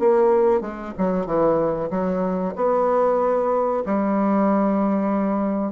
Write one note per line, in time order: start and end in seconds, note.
0.00 0.62 A#3
0.62 0.93 G#3
0.98 1.26 F#3
1.26 1.90 E3
1.91 2.54 F#3
2.56 3.84 B3
3.86 5.73 G3